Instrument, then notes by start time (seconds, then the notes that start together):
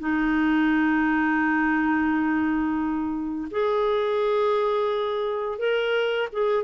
clarinet
0.00 D#4
3.51 G#4
5.59 A#4
6.33 G#4